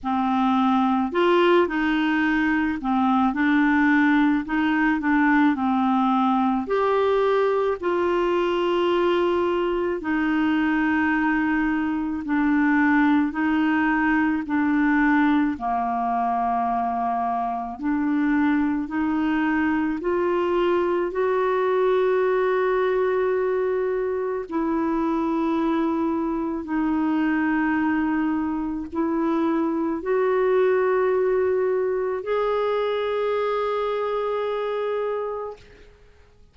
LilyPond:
\new Staff \with { instrumentName = "clarinet" } { \time 4/4 \tempo 4 = 54 c'4 f'8 dis'4 c'8 d'4 | dis'8 d'8 c'4 g'4 f'4~ | f'4 dis'2 d'4 | dis'4 d'4 ais2 |
d'4 dis'4 f'4 fis'4~ | fis'2 e'2 | dis'2 e'4 fis'4~ | fis'4 gis'2. | }